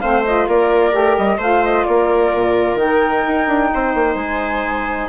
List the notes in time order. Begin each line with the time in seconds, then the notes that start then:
0.00 A3 C4 C5 F5
0.25 F4 D#5
0.47 A#3 A#4 D5
0.91 A3 G4
1.17 G3 D#5
1.38 A3 F4 C5 F5
1.64 D#5
1.85 A#3 A#4 D5
2.34 A#2
2.75 D#3 D#4 G5
3.27 D#4
3.47 D4
3.74 C4 C5
3.94 A#3
4.15 G#3 G#5